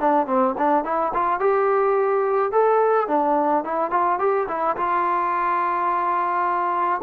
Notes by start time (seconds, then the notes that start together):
0.00 D4
0.27 C4
0.58 D4
0.85 E4
1.14 F4
1.40 G4
2.52 A4
3.08 D4
3.64 E4
3.91 F4
4.19 G4
4.48 E4
4.77 F4